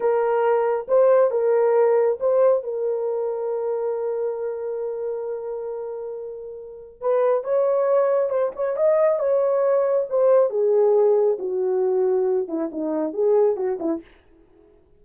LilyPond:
\new Staff \with { instrumentName = "horn" } { \time 4/4 \tempo 4 = 137 ais'2 c''4 ais'4~ | ais'4 c''4 ais'2~ | ais'1~ | ais'1 |
b'4 cis''2 c''8 cis''8 | dis''4 cis''2 c''4 | gis'2 fis'2~ | fis'8 e'8 dis'4 gis'4 fis'8 e'8 | }